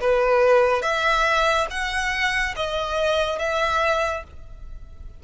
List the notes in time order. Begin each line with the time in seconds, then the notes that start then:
0.00 B4
0.82 E5
1.70 F#5
2.56 D#5
3.39 E5